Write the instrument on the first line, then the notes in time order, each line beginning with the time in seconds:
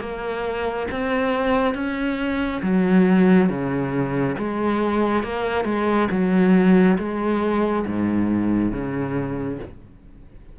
cello
0.00 A#3
0.91 C4
1.74 C#4
2.62 F#3
3.49 C#3
4.38 G#3
5.23 A#3
5.65 G#3
6.11 F#3
6.98 G#3
7.86 G#2
8.72 C#3